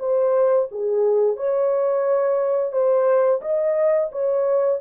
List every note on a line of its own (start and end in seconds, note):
0.00 0.69 C5
0.72 1.37 G#4
1.37 2.72 C#5
2.72 3.41 C5
3.42 4.11 D#5
4.12 4.81 C#5